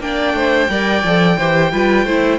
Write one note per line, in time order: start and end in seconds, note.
0.00 0.34 A#3
0.00 0.69 D4
0.00 0.37 D5
0.00 2.39 G5
0.34 0.68 A3
0.34 0.70 C5
0.69 1.04 G3
0.69 1.04 A#4
0.69 1.38 D5
1.04 1.38 F3
1.04 1.39 A4
1.38 1.73 E3
1.38 1.73 G4
1.38 1.72 C5
1.72 2.05 G3
1.72 2.07 F4
1.72 2.05 B4
2.05 2.39 A3
2.05 2.39 E4
2.05 2.39 C5